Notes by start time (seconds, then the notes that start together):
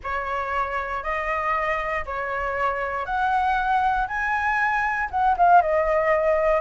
0.03 C#5
1.03 D#5
2.05 C#5
3.05 F#5
4.07 G#5
5.10 F#5
5.37 F5
5.61 D#5